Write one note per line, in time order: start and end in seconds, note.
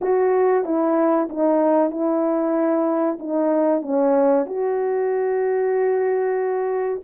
0.01 0.64 F#4
0.64 1.28 E4
1.29 1.90 D#4
1.90 3.18 E4
3.19 3.82 D#4
3.82 4.46 C#4
4.46 7.01 F#4